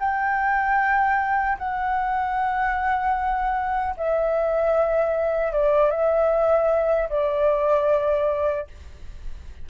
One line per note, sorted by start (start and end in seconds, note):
0.00 1.58 G5
1.58 3.95 F#5
3.97 5.52 E5
5.52 5.90 D5
5.90 7.09 E5
7.09 8.67 D5